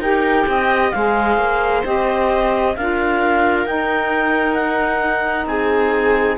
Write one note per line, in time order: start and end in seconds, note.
0.00 0.45 D#4
0.00 0.93 G4
0.00 0.47 A#4
0.00 0.91 G5
0.47 0.93 C4
0.47 0.95 D#5
0.91 1.37 G#3
0.91 1.84 G#4
0.91 2.77 C5
0.91 1.82 F5
1.37 1.83 A#3
1.84 2.76 C4
1.84 2.74 G4
1.84 2.77 D#5
2.77 3.66 D4
2.77 3.66 F4
2.77 5.49 A#4
2.77 3.67 F5
3.66 5.46 D#4
3.66 6.38 D#4
3.66 4.55 G5
4.55 5.46 F#5
5.46 6.37 C4
5.46 6.38 G#4
5.46 6.38 G#5